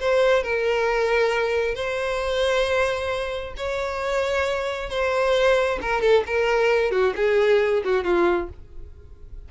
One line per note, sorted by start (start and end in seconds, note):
0.00 0.43 C5
0.43 1.75 A#4
1.75 3.54 C5
3.57 4.89 C#5
4.89 5.79 C5
5.82 6.01 A#4
6.01 6.23 A4
6.26 6.91 A#4
6.91 7.14 F#4
7.16 7.83 G#4
7.84 8.04 F#4
8.04 8.49 F4